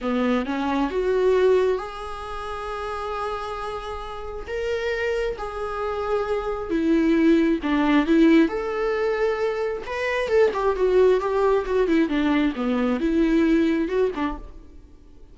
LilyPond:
\new Staff \with { instrumentName = "viola" } { \time 4/4 \tempo 4 = 134 b4 cis'4 fis'2 | gis'1~ | gis'2 ais'2 | gis'2. e'4~ |
e'4 d'4 e'4 a'4~ | a'2 b'4 a'8 g'8 | fis'4 g'4 fis'8 e'8 d'4 | b4 e'2 fis'8 d'8 | }